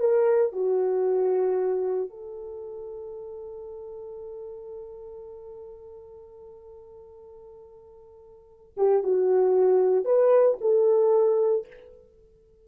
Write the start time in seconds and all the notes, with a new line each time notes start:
0.00 A#4
0.53 F#4
2.10 A4
8.77 G4
9.03 F#4
10.05 B4
10.61 A4